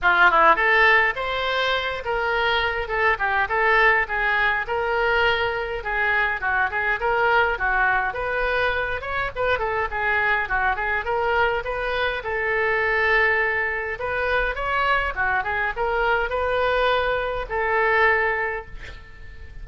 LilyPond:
\new Staff \with { instrumentName = "oboe" } { \time 4/4 \tempo 4 = 103 f'8 e'8 a'4 c''4. ais'8~ | ais'4 a'8 g'8 a'4 gis'4 | ais'2 gis'4 fis'8 gis'8 | ais'4 fis'4 b'4. cis''8 |
b'8 a'8 gis'4 fis'8 gis'8 ais'4 | b'4 a'2. | b'4 cis''4 fis'8 gis'8 ais'4 | b'2 a'2 | }